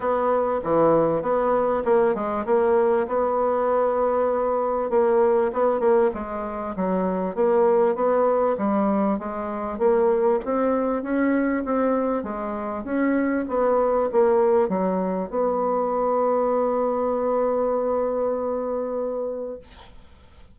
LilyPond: \new Staff \with { instrumentName = "bassoon" } { \time 4/4 \tempo 4 = 98 b4 e4 b4 ais8 gis8 | ais4 b2. | ais4 b8 ais8 gis4 fis4 | ais4 b4 g4 gis4 |
ais4 c'4 cis'4 c'4 | gis4 cis'4 b4 ais4 | fis4 b2.~ | b1 | }